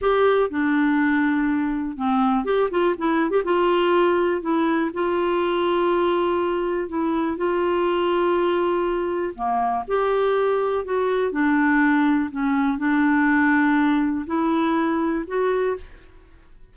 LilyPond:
\new Staff \with { instrumentName = "clarinet" } { \time 4/4 \tempo 4 = 122 g'4 d'2. | c'4 g'8 f'8 e'8. g'16 f'4~ | f'4 e'4 f'2~ | f'2 e'4 f'4~ |
f'2. ais4 | g'2 fis'4 d'4~ | d'4 cis'4 d'2~ | d'4 e'2 fis'4 | }